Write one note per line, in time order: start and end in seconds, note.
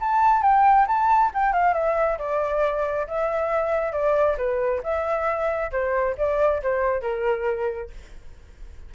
0.00 0.42 A5
0.42 0.86 G5
0.87 1.32 A5
1.34 1.53 G5
1.53 1.74 F5
1.74 2.18 E5
2.19 3.07 D5
3.07 3.92 E5
3.92 4.37 D5
4.38 4.82 B4
4.83 5.72 E5
5.72 6.16 C5
6.18 6.62 D5
6.63 7.02 C5
7.02 7.90 A#4